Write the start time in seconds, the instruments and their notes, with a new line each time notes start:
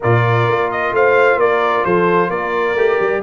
0.00 tuba A#2, trombone F4, horn A#4, trumpet D5
0.48 tuba A#3
0.71 trumpet D#5
0.92 tuba A3, horn C5, trumpet F5
1.36 tuba A#3, horn A#4, trumpet D5
1.84 tuba F3, horn A4, trumpet C5
2.27 tuba A#3, horn A#4, trumpet D5
2.74 tuba A3, trombone G4
3.00 tuba G3